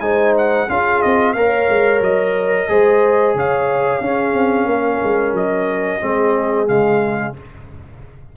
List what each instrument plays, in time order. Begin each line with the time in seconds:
0.00 tuba G#3, trombone D#4, horn C5, trumpet G#5
0.38 trumpet F#5
0.69 tuba C#4, trombone F4, horn G#4, trumpet F5
1.02 tuba C4, trumpet D#5
1.33 tuba A#3, trombone A#4, horn C#5, trumpet F5
1.69 tuba G#3
2.01 tuba F#3, trumpet D#5
2.68 tuba G#3, trombone G#4, horn C5
3.35 tuba C#3, horn C#5, trumpet F5
4.01 tuba C#4, trombone C#4, horn G#4
4.34 tuba C4
4.66 tuba A#3, horn A#4
5.03 tuba G#3
5.33 tuba F#3, trumpet D#5
6.00 tuba G#3, trombone C4, horn G#4
6.67 tuba C#3, trombone G#3, trumpet F5